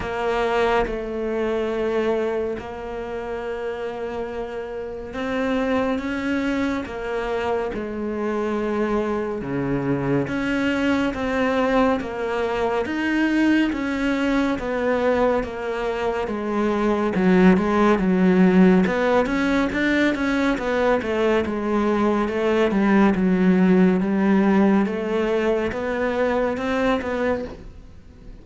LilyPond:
\new Staff \with { instrumentName = "cello" } { \time 4/4 \tempo 4 = 70 ais4 a2 ais4~ | ais2 c'4 cis'4 | ais4 gis2 cis4 | cis'4 c'4 ais4 dis'4 |
cis'4 b4 ais4 gis4 | fis8 gis8 fis4 b8 cis'8 d'8 cis'8 | b8 a8 gis4 a8 g8 fis4 | g4 a4 b4 c'8 b8 | }